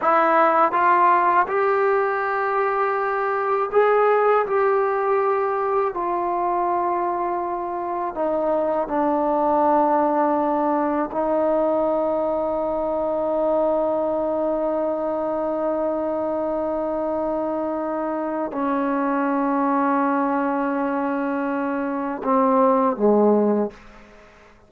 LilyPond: \new Staff \with { instrumentName = "trombone" } { \time 4/4 \tempo 4 = 81 e'4 f'4 g'2~ | g'4 gis'4 g'2 | f'2. dis'4 | d'2. dis'4~ |
dis'1~ | dis'1~ | dis'4 cis'2.~ | cis'2 c'4 gis4 | }